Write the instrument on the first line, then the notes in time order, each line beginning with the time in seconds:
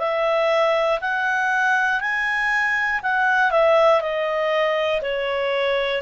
clarinet
0.00 E5
1.02 F#5
2.01 G#5
3.03 F#5
3.51 E5
4.02 D#5
5.02 C#5